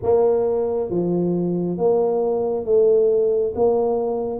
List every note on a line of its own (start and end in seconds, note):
0.02 0.90 A#3
0.90 1.77 F3
1.77 2.65 A#3
2.65 3.53 A3
3.55 4.40 A#3